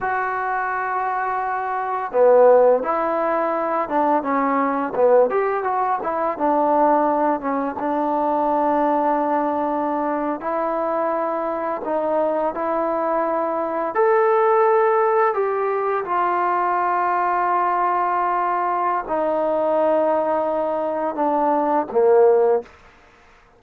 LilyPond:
\new Staff \with { instrumentName = "trombone" } { \time 4/4 \tempo 4 = 85 fis'2. b4 | e'4. d'8 cis'4 b8 g'8 | fis'8 e'8 d'4. cis'8 d'4~ | d'2~ d'8. e'4~ e'16~ |
e'8. dis'4 e'2 a'16~ | a'4.~ a'16 g'4 f'4~ f'16~ | f'2. dis'4~ | dis'2 d'4 ais4 | }